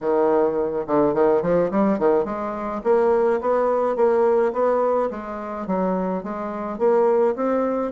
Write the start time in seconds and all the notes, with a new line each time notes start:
0.00 D#3
0.86 D3
1.14 D#3
1.42 F3
1.71 G3
1.98 D#3
2.25 G#3
2.83 A#3
3.41 B3
3.95 A#3
4.53 B3
5.10 G#3
5.67 F#3
6.23 G#3
6.78 A#3
7.35 C4